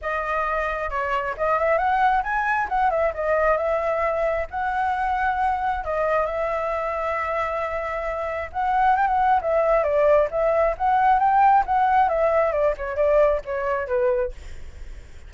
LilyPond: \new Staff \with { instrumentName = "flute" } { \time 4/4 \tempo 4 = 134 dis''2 cis''4 dis''8 e''8 | fis''4 gis''4 fis''8 e''8 dis''4 | e''2 fis''2~ | fis''4 dis''4 e''2~ |
e''2. fis''4 | g''16 fis''8. e''4 d''4 e''4 | fis''4 g''4 fis''4 e''4 | d''8 cis''8 d''4 cis''4 b'4 | }